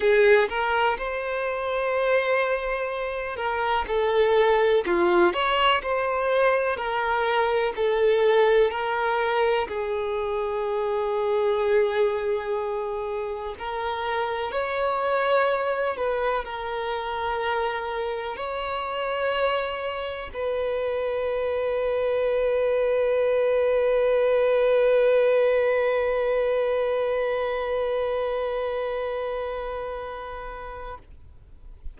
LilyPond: \new Staff \with { instrumentName = "violin" } { \time 4/4 \tempo 4 = 62 gis'8 ais'8 c''2~ c''8 ais'8 | a'4 f'8 cis''8 c''4 ais'4 | a'4 ais'4 gis'2~ | gis'2 ais'4 cis''4~ |
cis''8 b'8 ais'2 cis''4~ | cis''4 b'2.~ | b'1~ | b'1 | }